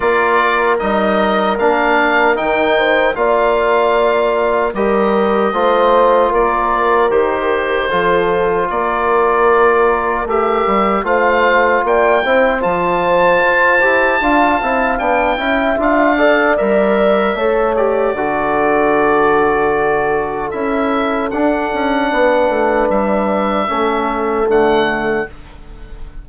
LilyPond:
<<
  \new Staff \with { instrumentName = "oboe" } { \time 4/4 \tempo 4 = 76 d''4 dis''4 f''4 g''4 | f''2 dis''2 | d''4 c''2 d''4~ | d''4 e''4 f''4 g''4 |
a''2. g''4 | f''4 e''4. d''4.~ | d''2 e''4 fis''4~ | fis''4 e''2 fis''4 | }
  \new Staff \with { instrumentName = "horn" } { \time 4/4 ais'2.~ ais'8 c''8 | d''2 ais'4 c''4 | ais'2 a'4 ais'4~ | ais'2 c''4 d''8 c''8~ |
c''2 f''4. e''8~ | e''8 d''4. cis''4 a'4~ | a'1 | b'2 a'2 | }
  \new Staff \with { instrumentName = "trombone" } { \time 4/4 f'4 dis'4 d'4 dis'4 | f'2 g'4 f'4~ | f'4 g'4 f'2~ | f'4 g'4 f'4. e'8 |
f'4. g'8 f'8 e'8 d'8 e'8 | f'8 a'8 ais'4 a'8 g'8 fis'4~ | fis'2 e'4 d'4~ | d'2 cis'4 a4 | }
  \new Staff \with { instrumentName = "bassoon" } { \time 4/4 ais4 g4 ais4 dis4 | ais2 g4 a4 | ais4 dis4 f4 ais4~ | ais4 a8 g8 a4 ais8 c'8 |
f4 f'8 e'8 d'8 c'8 b8 cis'8 | d'4 g4 a4 d4~ | d2 cis'4 d'8 cis'8 | b8 a8 g4 a4 d4 | }
>>